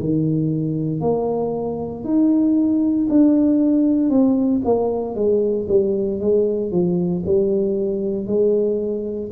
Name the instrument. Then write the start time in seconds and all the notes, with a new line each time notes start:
tuba
0.00 D#3
1.01 A#3
2.04 D#4
3.09 D4
4.10 C4
4.65 A#3
5.15 G#3
5.68 G3
6.20 G#3
6.71 F3
7.26 G3
8.27 G#3